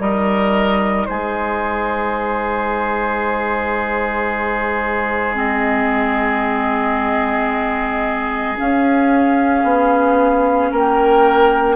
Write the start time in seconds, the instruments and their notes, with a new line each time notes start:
0.00 bassoon G3, clarinet D#4, oboe A#4, flute D#5
1.06 bassoon G#3, oboe G#4, flute C5
5.35 clarinet C4, flute D#5
8.57 clarinet C#4, bassoon C#4, flute F5
9.64 bassoon B3
10.72 bassoon A#3, oboe A#4, flute G5